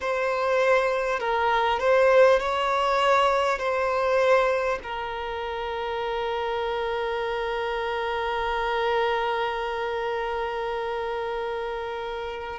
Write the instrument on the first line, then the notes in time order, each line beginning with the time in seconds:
violin
0.00 C5
1.19 A#4
1.79 C5
2.39 C#5
3.58 C5
4.83 A#4